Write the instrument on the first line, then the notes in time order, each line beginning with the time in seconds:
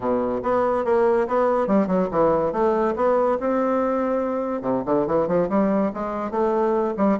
bassoon
0.00 B2
0.42 B3
0.85 A#3
1.27 B3
1.67 G3
1.87 F#3
2.11 E3
2.52 A3
2.96 B3
3.39 C4
4.61 C3
4.85 D3
5.06 E3
5.27 F3
5.49 G3
5.94 G#3
6.30 A3
6.97 G3